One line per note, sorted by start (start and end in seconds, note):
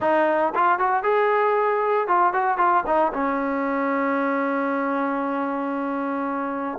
0.00 0.53 D#4
0.55 0.78 F4
0.78 1.03 F#4
1.03 2.07 G#4
2.07 2.33 F4
2.33 2.57 F#4
2.57 2.83 F4
2.86 3.12 D#4
3.13 6.78 C#4